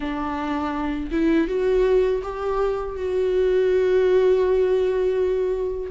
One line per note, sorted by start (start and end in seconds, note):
0.00 1.10 D4
1.11 1.47 E4
1.47 2.22 F#4
2.22 2.96 G4
2.96 5.91 F#4